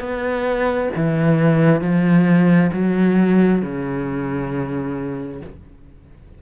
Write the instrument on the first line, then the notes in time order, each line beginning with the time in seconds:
cello
0.00 B3
0.96 E3
1.81 F3
2.73 F#3
3.62 C#3